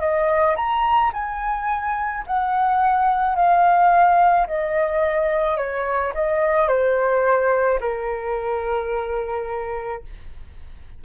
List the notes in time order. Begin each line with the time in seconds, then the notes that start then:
0.00 D#5
0.56 A#5
1.13 G#5
2.27 F#5
3.35 F5
4.47 D#5
5.57 C#5
6.15 D#5
6.68 C5
7.80 A#4